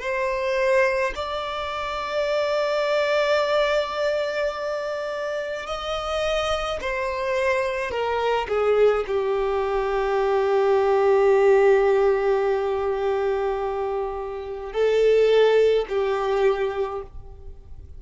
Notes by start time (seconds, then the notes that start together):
0.00 C5
1.15 D5
5.67 D#5
6.81 C5
7.91 A#4
8.49 G#4
9.07 G4
14.73 A4
15.89 G4